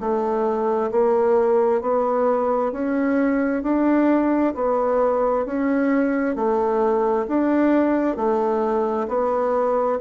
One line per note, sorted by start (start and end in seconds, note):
0.00 0.91 A3
0.91 1.81 A#3
1.81 2.72 B3
2.72 3.63 C#4
3.63 4.54 D4
4.55 5.46 B3
5.46 6.36 C#4
6.36 7.26 A3
7.28 8.16 D4
8.16 9.07 A3
9.08 9.99 B3